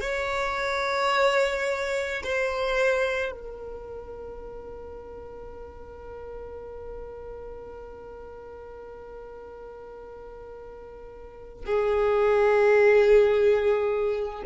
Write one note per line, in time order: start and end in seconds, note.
0.00 2.22 C#5
2.23 3.31 C5
3.31 11.65 A#4
11.65 14.43 G#4